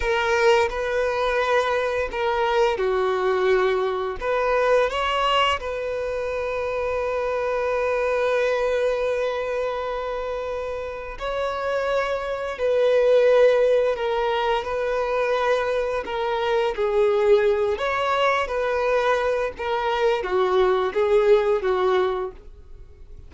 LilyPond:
\new Staff \with { instrumentName = "violin" } { \time 4/4 \tempo 4 = 86 ais'4 b'2 ais'4 | fis'2 b'4 cis''4 | b'1~ | b'1 |
cis''2 b'2 | ais'4 b'2 ais'4 | gis'4. cis''4 b'4. | ais'4 fis'4 gis'4 fis'4 | }